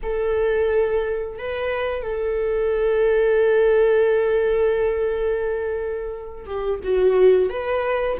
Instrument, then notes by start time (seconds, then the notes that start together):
viola
0.02 A4
1.38 B4
2.02 A4
6.46 G4
6.83 F#4
7.49 B4